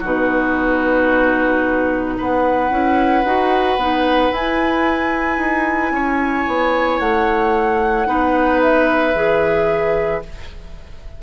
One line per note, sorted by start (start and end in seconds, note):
0.00 2.19 B2
0.00 2.71 D#4
0.00 2.14 F#4
0.00 2.19 B4
2.18 2.71 B3
2.18 5.93 B4
2.18 4.33 F#5
2.71 3.24 C#4
2.71 3.24 E4
3.25 3.77 D#4
3.25 3.79 F#4
3.77 4.31 B3
3.77 4.33 D#4
4.31 5.38 E4
4.31 8.06 E4
4.31 7.00 G#5
5.38 5.92 D#4
5.92 6.45 C#4
5.92 8.08 C#5
6.48 7.00 B3
7.00 8.07 A3
7.00 8.60 F#5
8.06 9.14 B3
8.06 9.14 D#4
8.06 10.22 B4
8.62 10.23 E5
9.15 10.22 E3
9.15 10.22 G#4